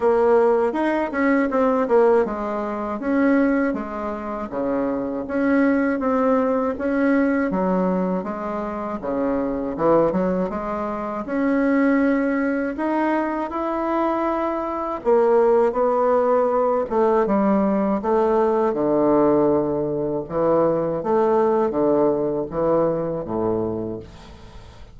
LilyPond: \new Staff \with { instrumentName = "bassoon" } { \time 4/4 \tempo 4 = 80 ais4 dis'8 cis'8 c'8 ais8 gis4 | cis'4 gis4 cis4 cis'4 | c'4 cis'4 fis4 gis4 | cis4 e8 fis8 gis4 cis'4~ |
cis'4 dis'4 e'2 | ais4 b4. a8 g4 | a4 d2 e4 | a4 d4 e4 a,4 | }